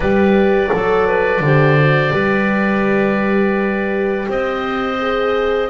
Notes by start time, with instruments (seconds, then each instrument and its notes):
0.00 double bass G3, horn G4, clarinet B4, oboe D5
0.71 double bass F#3, horn A4, clarinet A4
1.07 clarinet B4
1.40 double bass D3, horn G4, clarinet C5
1.78 horn F#4
2.12 double bass G3, horn G4, clarinet B4
4.28 double bass C4, clarinet C5, oboe D#5
4.99 horn G#4